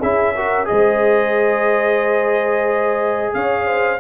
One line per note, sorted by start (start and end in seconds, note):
0.00 0.70 C#4
0.00 0.36 E4
0.00 0.33 G#4
0.00 0.67 E5
0.35 0.65 F#4
0.35 0.69 A#4
0.65 3.35 G#3
0.65 3.99 G#4
0.65 3.36 C5
0.65 3.34 D#5
3.34 4.00 C#4
3.34 3.66 C#5
3.34 4.00 F5
3.66 4.00 C5